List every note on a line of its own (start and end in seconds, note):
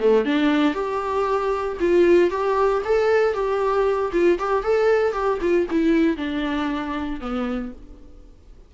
0.00 0.25 A3
0.25 0.74 D4
0.74 1.78 G4
1.81 2.31 F4
2.31 2.83 G4
2.85 3.34 A4
3.34 4.12 G4
4.13 4.39 F4
4.39 4.64 G4
4.64 5.13 A4
5.13 5.39 G4
5.41 5.67 F4
5.71 6.17 E4
6.17 7.21 D4
7.21 7.73 B3